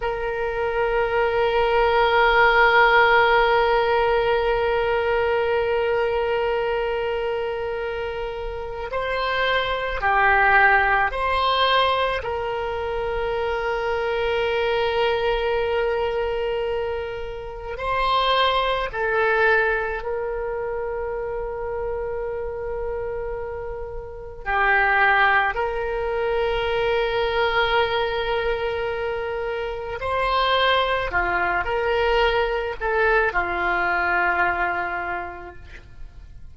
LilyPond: \new Staff \with { instrumentName = "oboe" } { \time 4/4 \tempo 4 = 54 ais'1~ | ais'1 | c''4 g'4 c''4 ais'4~ | ais'1 |
c''4 a'4 ais'2~ | ais'2 g'4 ais'4~ | ais'2. c''4 | f'8 ais'4 a'8 f'2 | }